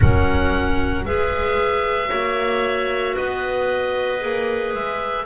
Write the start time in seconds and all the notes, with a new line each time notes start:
0.00 F#3 C#4 A#4 F#5
1.05 G#3 G#4 B4 E5
2.07 A#3 F#4 C#5
3.14 B3 B4 D#5
4.19 A#3 G#4
4.74 G#3 E5